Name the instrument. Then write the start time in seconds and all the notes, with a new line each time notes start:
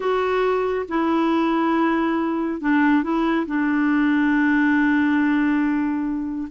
clarinet
0.00 F#4
0.88 E4
2.61 D4
3.03 E4
3.46 D4